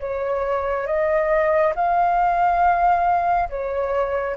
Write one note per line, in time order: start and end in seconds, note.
0.00 0.87 C#5
0.87 1.74 D#5
1.75 3.49 F5
3.49 4.36 C#5